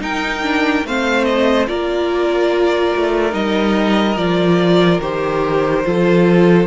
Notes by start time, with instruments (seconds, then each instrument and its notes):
0.00 cello D#4, viola D#4, violin A#4 G5
0.42 viola D4
0.84 cello A3, viola C4, violin C5 F5
1.25 violin D#5
1.67 cello A#3, viola F4, violin A#4 D5
2.96 cello A3
3.31 cello G3, viola D#4, violin D#5
4.16 cello F3, viola F4, violin D5
5.01 cello D#3, viola G4, violin C5
5.85 cello F3, viola F4, violin A4